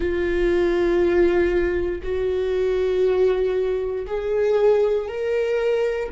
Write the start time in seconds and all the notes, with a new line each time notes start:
0.00 F4
2.02 F#4
4.06 G#4
5.08 A#4